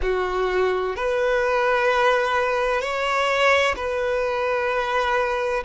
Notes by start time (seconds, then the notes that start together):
0.02 F#4
0.95 B4
2.81 C#5
3.76 B4